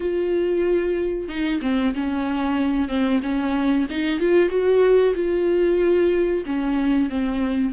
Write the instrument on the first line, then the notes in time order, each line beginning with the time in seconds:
viola
0.00 F4
1.28 D#4
1.61 C4
1.94 C#4
2.88 C4
3.22 C#4
3.89 D#4
4.19 F4
4.49 F#4
5.14 F4
6.45 C#4
7.09 C4